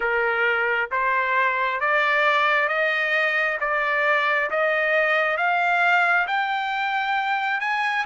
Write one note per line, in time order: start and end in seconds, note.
0.00 0.90 A#4
0.91 1.80 C5
1.80 2.68 D5
2.68 3.57 D#5
3.60 4.49 D5
4.50 5.37 D#5
5.37 6.26 F5
6.27 7.60 G5
7.60 8.05 G#5